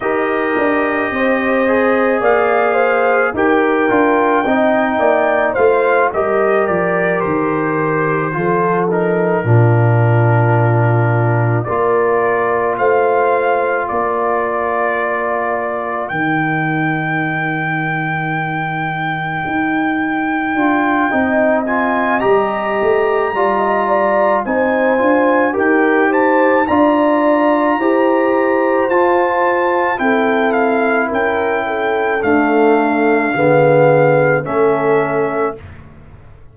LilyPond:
<<
  \new Staff \with { instrumentName = "trumpet" } { \time 4/4 \tempo 4 = 54 dis''2 f''4 g''4~ | g''4 f''8 dis''8 d''8 c''4. | ais'2~ ais'8 d''4 f''8~ | f''8 d''2 g''4.~ |
g''2.~ g''8 gis''8 | ais''2 gis''4 g''8 a''8 | ais''2 a''4 g''8 f''8 | g''4 f''2 e''4 | }
  \new Staff \with { instrumentName = "horn" } { \time 4/4 ais'4 c''4 d''8 c''8 ais'4 | dis''8 d''8 c''8 ais'2 a'8~ | a'8 f'2 ais'4 c''8~ | c''8 ais'2.~ ais'8~ |
ais'2. dis''4~ | dis''4 d''16 dis''16 d''8 c''4 ais'8 c''8 | d''4 c''2 a'4 | ais'8 a'4. gis'4 a'4 | }
  \new Staff \with { instrumentName = "trombone" } { \time 4/4 g'4. gis'4. g'8 f'8 | dis'4 f'8 g'2 f'8 | dis'8 d'2 f'4.~ | f'2~ f'8 dis'4.~ |
dis'2~ dis'8 f'8 dis'8 f'8 | g'4 f'4 dis'8 f'8 g'4 | f'4 g'4 f'4 e'4~ | e'4 a4 b4 cis'4 | }
  \new Staff \with { instrumentName = "tuba" } { \time 4/4 dis'8 d'8 c'4 ais4 dis'8 d'8 | c'8 ais8 a8 g8 f8 dis4 f8~ | f8 ais,2 ais4 a8~ | a8 ais2 dis4.~ |
dis4. dis'4 d'8 c'4 | g8 a8 g4 c'8 d'8 dis'4 | d'4 e'4 f'4 c'4 | cis'4 d'4 d4 a4 | }
>>